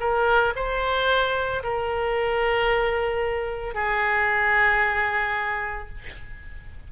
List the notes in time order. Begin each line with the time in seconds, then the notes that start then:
0.00 A#4
0.55 C5
1.63 A#4
3.74 G#4